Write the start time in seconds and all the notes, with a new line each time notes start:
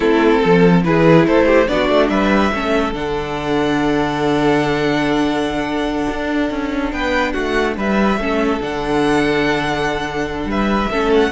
0.00 A3 C4 E4 A4
0.41 F3 A4
0.83 E3 E4 G#4 B4
1.27 A3 A4 C5
1.45 G4
1.67 B3 D4 F#4 D5
1.89 A3
2.09 G3 B4 E5
2.52 A3 C#4 A4
2.92 D3 D4 F#5
6.09 D4
6.50 C#4
6.92 B3 B4 G5
7.32 A3 F#4 F#5
7.76 G3 B4 E5
8.17 A3 C#4 A4
8.60 D3 D4 F#5
10.44 G3 B4 E5
10.91 A3 C#4 A4
11.14 F#5